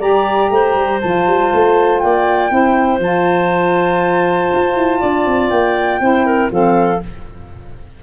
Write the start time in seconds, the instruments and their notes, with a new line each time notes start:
0.00 tuba G3, saxophone G4, clarinet D5, flute A#5
0.51 tuba A3, clarinet C5
0.75 tuba G3
1.01 tuba F3, saxophone F4, flute A5
1.27 tuba G3
1.54 tuba A3
1.99 tuba A#3, clarinet D5, flute G5
2.50 tuba C4, saxophone E4, clarinet C5
2.99 tuba F3, saxophone F4, flute A5
4.54 tuba F4
4.76 tuba E4
5.00 tuba D4, clarinet D5
5.26 tuba C4
5.50 tuba A#3, flute G5
6.01 tuba C4, saxophone E4, clarinet C5
6.26 clarinet A#4
6.51 tuba F3, saxophone C4, clarinet A4, flute F5